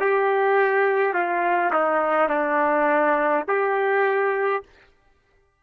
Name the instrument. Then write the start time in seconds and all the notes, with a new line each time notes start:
trumpet
0.00 G4
1.13 F4
1.73 D#4
2.29 D4
3.48 G4